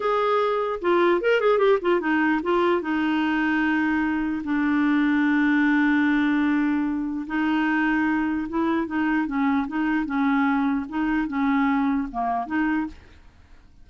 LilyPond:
\new Staff \with { instrumentName = "clarinet" } { \time 4/4 \tempo 4 = 149 gis'2 f'4 ais'8 gis'8 | g'8 f'8 dis'4 f'4 dis'4~ | dis'2. d'4~ | d'1~ |
d'2 dis'2~ | dis'4 e'4 dis'4 cis'4 | dis'4 cis'2 dis'4 | cis'2 ais4 dis'4 | }